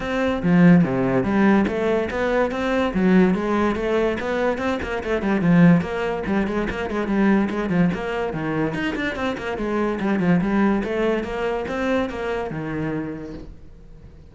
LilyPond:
\new Staff \with { instrumentName = "cello" } { \time 4/4 \tempo 4 = 144 c'4 f4 c4 g4 | a4 b4 c'4 fis4 | gis4 a4 b4 c'8 ais8 | a8 g8 f4 ais4 g8 gis8 |
ais8 gis8 g4 gis8 f8 ais4 | dis4 dis'8 d'8 c'8 ais8 gis4 | g8 f8 g4 a4 ais4 | c'4 ais4 dis2 | }